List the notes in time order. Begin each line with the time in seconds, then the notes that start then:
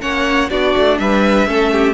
0.00 A#3 C#4 C#5 F#5
0.50 B3 D4 F#4 D5
0.76 A3
0.98 G3 B4 E5
1.47 A3 C#4 A4
1.72 G4